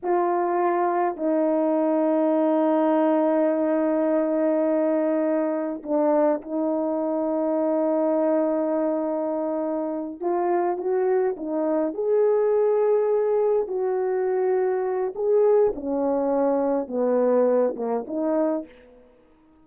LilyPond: \new Staff \with { instrumentName = "horn" } { \time 4/4 \tempo 4 = 103 f'2 dis'2~ | dis'1~ | dis'2 d'4 dis'4~ | dis'1~ |
dis'4. f'4 fis'4 dis'8~ | dis'8 gis'2. fis'8~ | fis'2 gis'4 cis'4~ | cis'4 b4. ais8 dis'4 | }